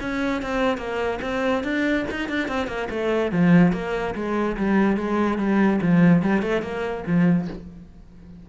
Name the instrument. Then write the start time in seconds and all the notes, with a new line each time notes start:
cello
0.00 C#4
0.42 C4
0.77 A#3
1.22 C4
1.63 D4
2.10 D#4
2.29 D4
2.48 C4
2.67 A#3
2.90 A3
3.31 F3
3.72 A#3
4.15 G#3
4.57 G3
4.97 G#3
5.38 G3
5.81 F3
6.22 G3
6.42 A3
6.62 A#3
7.06 F3